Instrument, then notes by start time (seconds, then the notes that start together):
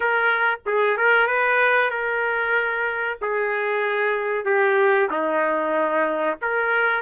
trumpet
0.00 A#4
0.66 G#4
0.97 A#4
1.27 B4
1.90 A#4
3.21 G#4
4.45 G4
5.10 D#4
6.41 A#4